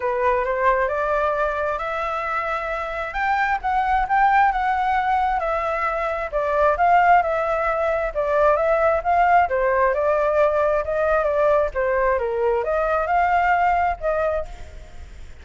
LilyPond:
\new Staff \with { instrumentName = "flute" } { \time 4/4 \tempo 4 = 133 b'4 c''4 d''2 | e''2. g''4 | fis''4 g''4 fis''2 | e''2 d''4 f''4 |
e''2 d''4 e''4 | f''4 c''4 d''2 | dis''4 d''4 c''4 ais'4 | dis''4 f''2 dis''4 | }